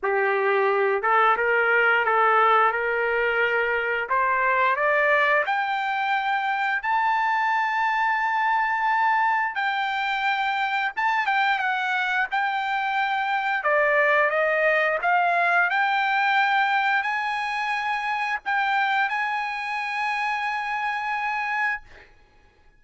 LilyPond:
\new Staff \with { instrumentName = "trumpet" } { \time 4/4 \tempo 4 = 88 g'4. a'8 ais'4 a'4 | ais'2 c''4 d''4 | g''2 a''2~ | a''2 g''2 |
a''8 g''8 fis''4 g''2 | d''4 dis''4 f''4 g''4~ | g''4 gis''2 g''4 | gis''1 | }